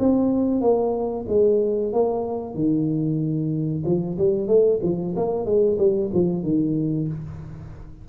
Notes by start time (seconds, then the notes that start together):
0.00 C4
0.61 A#3
1.28 G#3
1.93 A#3
2.55 D#3
3.86 F3
4.18 G3
4.48 A3
4.83 F3
5.16 A#3
5.45 G#3
5.79 G3
6.14 F3
6.43 D#3